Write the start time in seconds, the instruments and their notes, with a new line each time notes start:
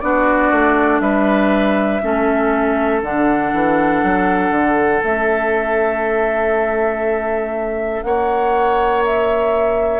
0.00 bassoon B3, clarinet D4, oboe F#4, flute D5
0.52 bassoon A3
1.00 bassoon G3, oboe B4, flute E5
2.02 bassoon A3, clarinet C#4, oboe A4
3.02 bassoon D3, clarinet D4, flute F#5
3.53 bassoon E3
4.03 bassoon F#3
4.50 bassoon D3
5.02 bassoon A3, clarinet C#4, flute E5
8.03 bassoon A#3, oboe C#5, flute F#5
9.05 flute E5